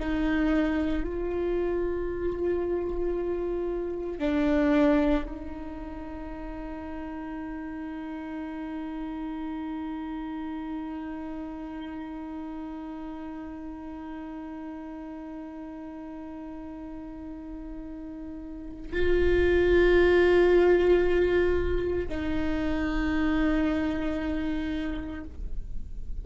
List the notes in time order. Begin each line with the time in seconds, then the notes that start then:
0.00 D#4
1.04 F4
4.19 D4
5.26 D#4
18.93 F4
22.09 D#4